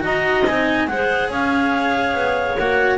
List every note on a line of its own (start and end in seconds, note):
0.00 0.46 D#4
0.00 0.43 F#4
0.00 0.88 D#5
0.00 0.46 A#5
0.46 0.87 C4
0.46 0.87 D#4
0.46 0.87 G#5
0.87 1.29 G#3
0.87 2.57 G#4
0.87 1.29 C5
0.87 1.30 F#5
1.29 2.13 C#4
1.29 2.98 C#5
1.29 2.58 F5
2.13 2.56 B3
2.58 2.98 A#3
2.58 2.98 F#4
2.58 2.98 F#5